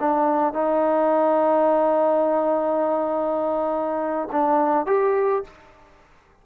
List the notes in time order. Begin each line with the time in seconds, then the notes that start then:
0.00 D4
0.54 D#4
4.32 D4
4.86 G4